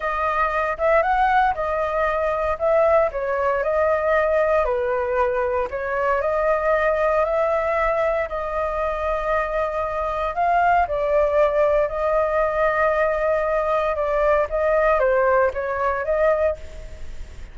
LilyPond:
\new Staff \with { instrumentName = "flute" } { \time 4/4 \tempo 4 = 116 dis''4. e''8 fis''4 dis''4~ | dis''4 e''4 cis''4 dis''4~ | dis''4 b'2 cis''4 | dis''2 e''2 |
dis''1 | f''4 d''2 dis''4~ | dis''2. d''4 | dis''4 c''4 cis''4 dis''4 | }